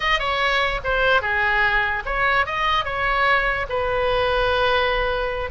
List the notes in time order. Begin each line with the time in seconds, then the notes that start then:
0.00 D#5
0.19 C#5
0.83 C5
1.21 G#4
2.05 C#5
2.45 D#5
2.84 C#5
3.69 B4